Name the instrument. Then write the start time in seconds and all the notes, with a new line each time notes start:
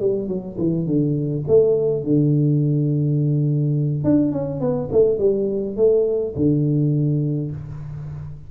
tuba
0.00 G3
0.28 F#3
0.58 E3
0.86 D3
1.47 A3
2.03 D3
4.04 D4
4.32 C#4
4.60 B3
4.92 A3
5.18 G3
5.76 A3
6.36 D3